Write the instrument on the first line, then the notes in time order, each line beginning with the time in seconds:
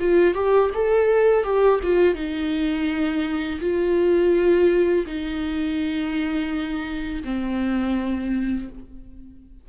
viola
0.00 F4
0.35 G4
0.75 A4
1.44 G4
1.84 F4
2.15 D#4
3.61 F4
5.07 D#4
7.25 C4